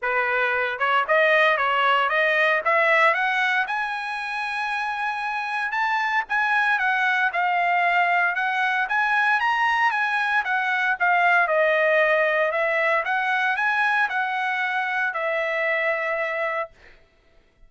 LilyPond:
\new Staff \with { instrumentName = "trumpet" } { \time 4/4 \tempo 4 = 115 b'4. cis''8 dis''4 cis''4 | dis''4 e''4 fis''4 gis''4~ | gis''2. a''4 | gis''4 fis''4 f''2 |
fis''4 gis''4 ais''4 gis''4 | fis''4 f''4 dis''2 | e''4 fis''4 gis''4 fis''4~ | fis''4 e''2. | }